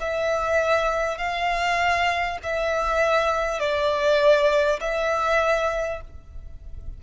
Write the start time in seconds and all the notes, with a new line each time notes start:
0.00 E5
1.18 F5
2.43 E5
3.59 D5
4.81 E5